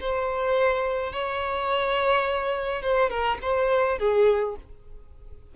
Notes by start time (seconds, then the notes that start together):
0.00 C5
1.12 C#5
2.82 C5
3.10 A#4
3.42 C5
3.99 G#4